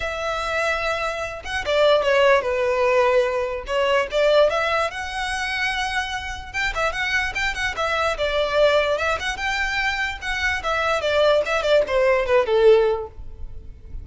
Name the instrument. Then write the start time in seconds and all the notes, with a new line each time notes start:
violin
0.00 E5
1.44 F#5
1.65 D5
2.02 C#5
2.42 B4
3.66 C#5
4.11 D5
4.50 E5
4.91 F#5
6.52 G5
6.74 E5
6.92 F#5
7.35 G5
7.54 F#5
7.76 E5
8.17 D5
8.98 E5
9.19 F#5
9.36 G5
10.21 F#5
10.63 E5
11.01 D5
11.45 E5
11.62 D5
11.87 C5
12.25 B4
12.46 A4